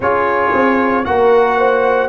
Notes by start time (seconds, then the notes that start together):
0.00 C#4 F4 G#4 C#5
0.53 C4
1.04 A#3 F#4 A#4 F#5
1.57 C5